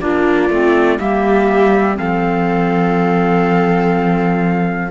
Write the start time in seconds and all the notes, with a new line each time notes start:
0.00 A#3 D4 F4 D5
0.50 A3 C4
0.99 G3 A#3 G4 E5
1.95 F3 C4 A4 F5